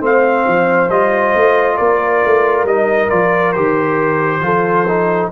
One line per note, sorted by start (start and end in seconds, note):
0.00 0.45 A3
0.00 0.89 C4
0.00 1.76 C5
0.00 0.90 F5
0.47 0.89 F3
0.89 1.33 G3
0.89 2.67 F4
0.89 1.77 D#5
1.35 1.79 A3
1.77 2.24 A#3
1.77 4.42 A#4
1.77 2.65 D5
2.24 2.64 A3
2.64 3.08 G3
2.64 3.10 D#4
2.64 3.10 D#5
3.10 3.56 F3
3.10 3.54 F4
3.10 3.53 D5
3.53 4.40 D#3
3.53 4.42 G4
3.53 5.29 C5
4.40 5.29 F3
4.40 4.86 F4
4.40 5.31 A4
4.88 5.31 D#4